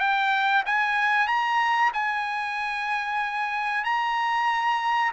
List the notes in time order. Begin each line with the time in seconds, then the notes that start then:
0.00 G5
0.66 G#5
1.28 A#5
1.94 G#5
3.84 A#5